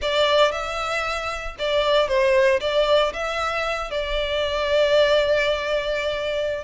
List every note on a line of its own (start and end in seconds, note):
0.01 0.51 D5
0.51 1.55 E5
1.58 2.08 D5
2.08 2.60 C5
2.60 3.12 D5
3.13 3.91 E5
3.91 6.64 D5